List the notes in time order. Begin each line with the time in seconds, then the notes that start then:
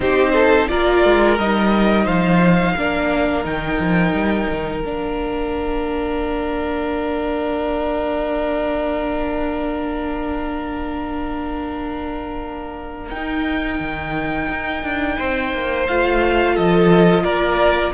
0.00 C4 D#4 G4 C5
0.33 A4
0.68 A#3 F4 A#4 D5
1.04 G#3
1.38 G3 D#4 D#5
2.05 F3 C5 F5
2.76 A#3 D4 A#4
3.43 D#3 D#4 G5
3.79 F3
4.12 G3
4.50 D#3
4.82 A#3 D4 F5
13.10 D#4 G5
13.79 D#3
14.48 D#4
14.83 D4
15.16 C4 C5
15.53 A#3
15.87 A3 F4 F5
16.54 F3 A4 D#5
17.23 A#3 A#4 D5